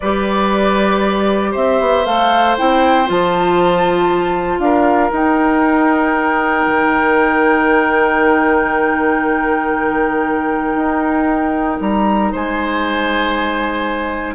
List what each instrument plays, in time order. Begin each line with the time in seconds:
0.00 bassoon G3, clarinet G4, oboe B4, flute D5
1.51 bassoon C4, oboe C5, flute E5
1.80 bassoon B3
2.05 bassoon A3, clarinet A4, flute F5
2.57 bassoon C4, clarinet E4, flute G5
3.06 bassoon F3, clarinet F4, flute A5
4.58 bassoon D4, oboe A#4, flute F5
5.11 bassoon D#4, clarinet D#4, flute G5
6.66 bassoon D#3
10.75 bassoon D#4
11.80 bassoon G3, flute A#5
12.32 bassoon G#3, oboe C5, flute G#5